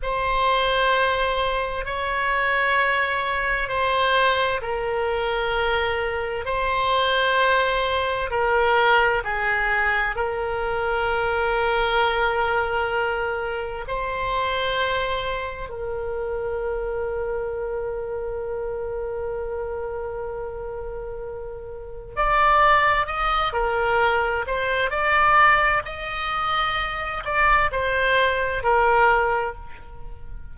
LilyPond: \new Staff \with { instrumentName = "oboe" } { \time 4/4 \tempo 4 = 65 c''2 cis''2 | c''4 ais'2 c''4~ | c''4 ais'4 gis'4 ais'4~ | ais'2. c''4~ |
c''4 ais'2.~ | ais'1 | d''4 dis''8 ais'4 c''8 d''4 | dis''4. d''8 c''4 ais'4 | }